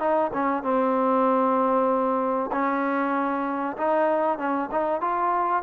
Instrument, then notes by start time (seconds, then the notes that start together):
trombone
0.00 D#4
0.34 C#4
0.63 C4
2.52 C#4
3.78 D#4
4.39 C#4
4.72 D#4
5.01 F4